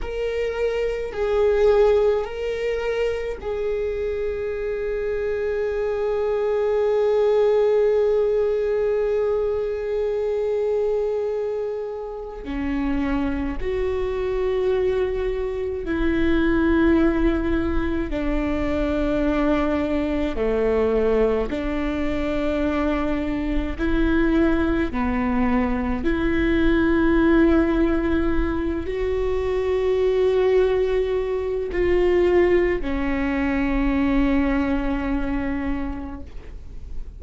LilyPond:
\new Staff \with { instrumentName = "viola" } { \time 4/4 \tempo 4 = 53 ais'4 gis'4 ais'4 gis'4~ | gis'1~ | gis'2. cis'4 | fis'2 e'2 |
d'2 a4 d'4~ | d'4 e'4 b4 e'4~ | e'4. fis'2~ fis'8 | f'4 cis'2. | }